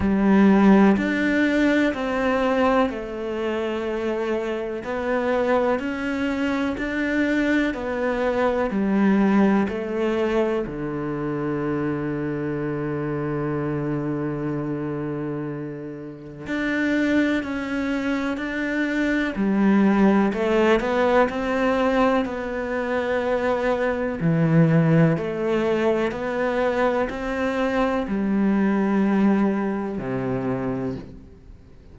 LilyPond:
\new Staff \with { instrumentName = "cello" } { \time 4/4 \tempo 4 = 62 g4 d'4 c'4 a4~ | a4 b4 cis'4 d'4 | b4 g4 a4 d4~ | d1~ |
d4 d'4 cis'4 d'4 | g4 a8 b8 c'4 b4~ | b4 e4 a4 b4 | c'4 g2 c4 | }